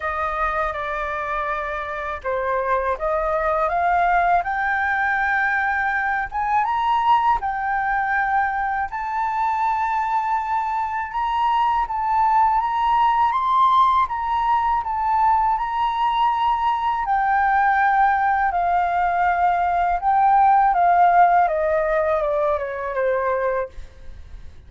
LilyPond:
\new Staff \with { instrumentName = "flute" } { \time 4/4 \tempo 4 = 81 dis''4 d''2 c''4 | dis''4 f''4 g''2~ | g''8 gis''8 ais''4 g''2 | a''2. ais''4 |
a''4 ais''4 c'''4 ais''4 | a''4 ais''2 g''4~ | g''4 f''2 g''4 | f''4 dis''4 d''8 cis''8 c''4 | }